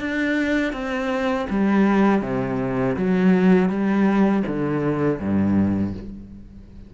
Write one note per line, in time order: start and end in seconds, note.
0.00 0.73 D4
0.73 1.47 C4
1.49 2.22 G3
2.22 2.96 C3
2.96 3.69 F#3
3.69 4.43 G3
4.46 5.20 D3
5.20 5.94 G2